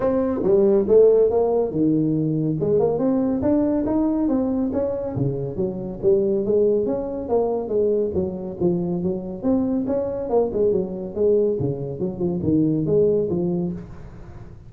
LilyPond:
\new Staff \with { instrumentName = "tuba" } { \time 4/4 \tempo 4 = 140 c'4 g4 a4 ais4 | dis2 gis8 ais8 c'4 | d'4 dis'4 c'4 cis'4 | cis4 fis4 g4 gis4 |
cis'4 ais4 gis4 fis4 | f4 fis4 c'4 cis'4 | ais8 gis8 fis4 gis4 cis4 | fis8 f8 dis4 gis4 f4 | }